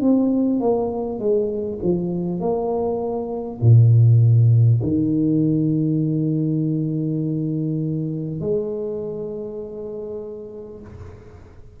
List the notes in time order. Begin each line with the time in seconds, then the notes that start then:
0.00 C4
0.59 A#3
1.19 G#3
1.82 F3
2.39 A#3
3.61 A#2
4.83 D#3
8.40 G#3